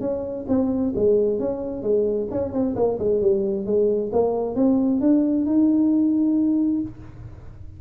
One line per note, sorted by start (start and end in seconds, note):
0.00 0.45 C#4
0.48 0.93 C4
0.95 1.39 G#3
1.39 1.82 C#4
1.82 2.27 G#3
2.30 2.52 C#4
2.52 2.75 C4
2.75 2.98 A#3
2.99 3.21 G#3
3.21 3.65 G3
3.65 4.10 G#3
4.12 4.55 A#3
4.55 5.00 C4
5.00 5.45 D4
5.45 6.81 D#4